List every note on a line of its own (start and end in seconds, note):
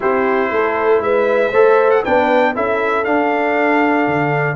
0.00 0.51 C4
0.00 1.52 E4
0.00 0.51 G4
0.00 1.02 C5
0.51 1.00 A3
0.51 1.03 A4
1.00 1.51 G#3
1.00 1.51 B4
1.00 1.90 E5
1.51 2.03 A3
1.51 2.04 A4
1.51 2.02 C5
1.90 2.03 F#5
2.02 2.56 B3
2.02 2.55 D4
2.02 2.53 B4
2.02 2.55 G5
2.55 3.06 C#4
2.55 3.04 E4
2.55 4.56 A4
2.55 3.04 E5
3.04 4.56 D4
3.04 4.07 D4
3.04 4.56 F5
4.07 4.56 D3